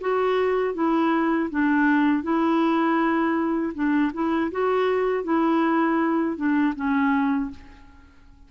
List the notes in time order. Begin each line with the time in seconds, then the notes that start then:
0.00 F#4
0.74 E4
1.50 D4
2.22 E4
3.74 D4
4.13 E4
4.51 F#4
5.24 E4
6.36 D4
6.75 C#4